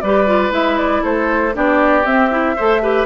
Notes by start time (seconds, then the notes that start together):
0.00 G3 G4 B4 D5
0.26 F4
0.50 G#3 E4 E5
0.77 D5
1.02 A3 A4 C5
1.53 B3 D4 G4 D5
2.04 C4 E5
2.30 E4
2.56 A3 A4 C5
2.82 G4 B4